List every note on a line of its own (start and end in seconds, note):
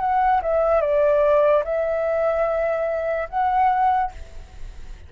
0.00 0.41 F#5
0.43 0.81 E5
0.81 1.63 D5
1.64 3.29 E5
3.30 4.12 F#5